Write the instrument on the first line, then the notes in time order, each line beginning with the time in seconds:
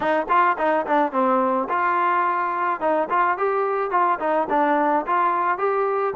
trombone
0.00 D#4
0.28 F4
0.58 D#4
0.86 D4
1.12 C4
1.69 F4
2.80 D#4
3.09 F4
3.37 G4
3.90 F4
4.19 D#4
4.49 D4
5.06 F4
5.58 G4